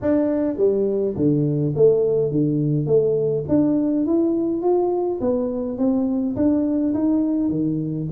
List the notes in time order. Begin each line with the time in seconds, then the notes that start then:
0.01 D4
0.57 G3
1.16 D3
1.75 A3
2.31 D3
2.86 A3
3.48 D4
4.06 E4
4.62 F4
5.20 B3
5.78 C4
6.36 D4
6.94 D#4
7.49 D#3